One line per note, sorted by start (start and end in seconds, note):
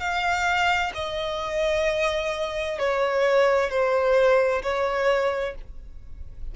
0.00 0.92 F5
0.94 2.79 D#5
2.79 3.70 C#5
3.70 4.62 C5
4.62 5.55 C#5